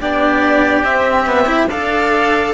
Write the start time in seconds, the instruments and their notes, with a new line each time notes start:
0.00 cello B3 D4, oboe G4, violin D5
0.82 cello C4, violin E5
1.26 cello B3
1.46 cello E4
1.69 cello D4 A4, oboe D5, violin F5